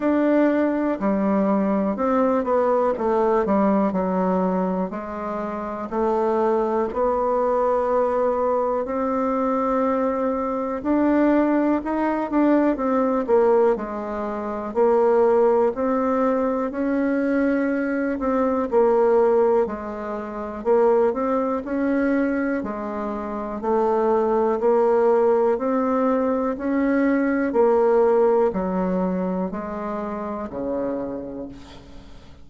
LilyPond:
\new Staff \with { instrumentName = "bassoon" } { \time 4/4 \tempo 4 = 61 d'4 g4 c'8 b8 a8 g8 | fis4 gis4 a4 b4~ | b4 c'2 d'4 | dis'8 d'8 c'8 ais8 gis4 ais4 |
c'4 cis'4. c'8 ais4 | gis4 ais8 c'8 cis'4 gis4 | a4 ais4 c'4 cis'4 | ais4 fis4 gis4 cis4 | }